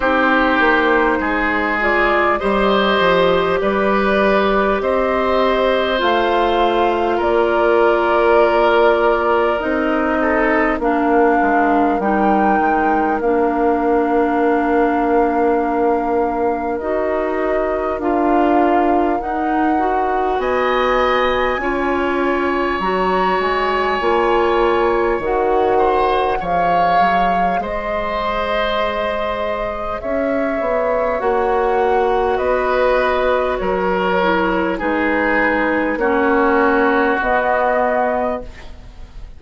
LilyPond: <<
  \new Staff \with { instrumentName = "flute" } { \time 4/4 \tempo 4 = 50 c''4. d''8 dis''4 d''4 | dis''4 f''4 d''2 | dis''4 f''4 g''4 f''4~ | f''2 dis''4 f''4 |
fis''4 gis''2 ais''8 gis''8~ | gis''4 fis''4 f''4 dis''4~ | dis''4 e''4 fis''4 dis''4 | cis''4 b'4 cis''4 dis''4 | }
  \new Staff \with { instrumentName = "oboe" } { \time 4/4 g'4 gis'4 c''4 b'4 | c''2 ais'2~ | ais'8 a'8 ais'2.~ | ais'1~ |
ais'4 dis''4 cis''2~ | cis''4. c''8 cis''4 c''4~ | c''4 cis''2 b'4 | ais'4 gis'4 fis'2 | }
  \new Staff \with { instrumentName = "clarinet" } { \time 4/4 dis'4. f'8 g'2~ | g'4 f'2. | dis'4 d'4 dis'4 d'4~ | d'2 fis'4 f'4 |
dis'8 fis'4. f'4 fis'4 | f'4 fis'4 gis'2~ | gis'2 fis'2~ | fis'8 e'8 dis'4 cis'4 b4 | }
  \new Staff \with { instrumentName = "bassoon" } { \time 4/4 c'8 ais8 gis4 g8 f8 g4 | c'4 a4 ais2 | c'4 ais8 gis8 g8 gis8 ais4~ | ais2 dis'4 d'4 |
dis'4 b4 cis'4 fis8 gis8 | ais4 dis4 f8 fis8 gis4~ | gis4 cis'8 b8 ais4 b4 | fis4 gis4 ais4 b4 | }
>>